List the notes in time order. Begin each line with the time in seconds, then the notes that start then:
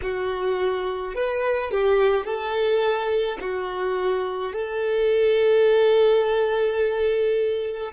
0.02 F#4
1.14 B4
1.71 G4
2.24 A4
3.40 F#4
4.52 A4